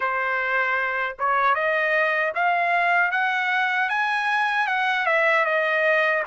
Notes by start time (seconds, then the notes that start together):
0.00 C5
1.18 C#5
1.54 D#5
2.34 F5
3.11 F#5
3.89 G#5
4.67 F#5
5.06 E5
5.45 D#5